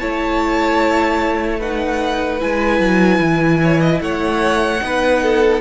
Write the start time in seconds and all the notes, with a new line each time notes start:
0.00 A3 E4 C#5 A5
1.59 D#4 B4 F#5
2.40 G#3 E4 G#5
2.80 F#3
3.20 E3
3.63 C#5
3.81 D#5
4.01 A3 C#5 F#5
4.81 B3 D#4 B4
5.23 A4